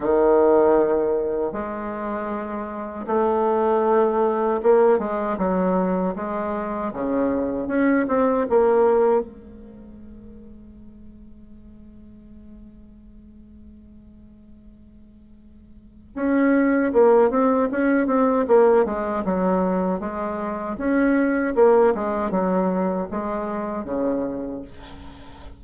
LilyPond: \new Staff \with { instrumentName = "bassoon" } { \time 4/4 \tempo 4 = 78 dis2 gis2 | a2 ais8 gis8 fis4 | gis4 cis4 cis'8 c'8 ais4 | gis1~ |
gis1~ | gis4 cis'4 ais8 c'8 cis'8 c'8 | ais8 gis8 fis4 gis4 cis'4 | ais8 gis8 fis4 gis4 cis4 | }